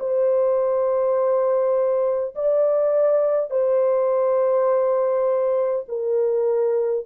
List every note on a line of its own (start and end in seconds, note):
0.00 2.35 C5
2.36 3.51 D5
3.51 5.86 C5
5.89 7.06 A#4